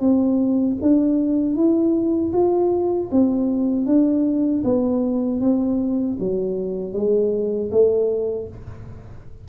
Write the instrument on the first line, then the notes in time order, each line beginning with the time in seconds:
tuba
0.00 C4
0.82 D4
1.56 E4
2.33 F4
3.12 C4
3.86 D4
4.64 B3
5.41 C4
6.20 F#3
6.94 G#3
7.71 A3